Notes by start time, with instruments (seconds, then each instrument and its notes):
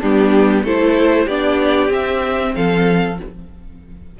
0.00 cello G3, viola B3, violin D4 G4
0.64 cello A3, viola E4, violin A4 C5
1.25 cello B3, viola D4, violin G4 D5
1.88 cello C4, viola C4, violin E5
2.55 cello F3, violin A4 F5